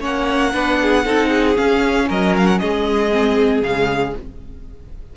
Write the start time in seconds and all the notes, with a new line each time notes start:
0.00 A#3 C#4 C#5 F#5
0.52 B3 D4 B4
0.81 G#4
1.05 C4 D#4 A4
1.28 G#4
1.55 C#4 F5
2.08 F#3 A#4 D#5
2.37 F5
2.46 F#5
2.58 G#3 G#4 D#5
3.12 C4
3.61 C#3 G#3 F5